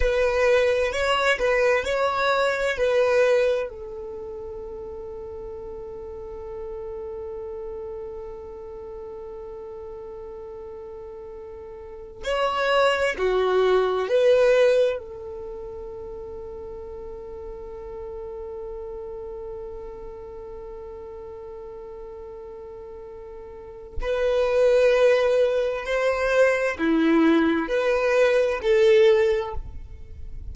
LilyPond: \new Staff \with { instrumentName = "violin" } { \time 4/4 \tempo 4 = 65 b'4 cis''8 b'8 cis''4 b'4 | a'1~ | a'1~ | a'4~ a'16 cis''4 fis'4 b'8.~ |
b'16 a'2.~ a'8.~ | a'1~ | a'2 b'2 | c''4 e'4 b'4 a'4 | }